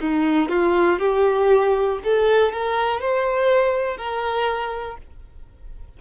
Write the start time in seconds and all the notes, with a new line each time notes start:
0.00 D#4
0.49 F4
0.99 G4
2.04 A4
2.52 A#4
3.00 C5
3.97 A#4